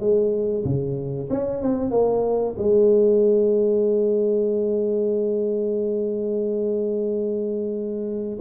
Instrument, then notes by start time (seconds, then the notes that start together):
tuba
0.00 G#3
0.65 C#3
1.30 C#4
1.62 C4
1.91 A#3
2.58 G#3